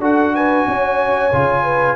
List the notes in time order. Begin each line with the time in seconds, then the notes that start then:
0.00 D4 F#4 A4 F#5
0.35 B4 G#5
0.67 C#4 C#5
1.32 C#3 F4
1.63 B4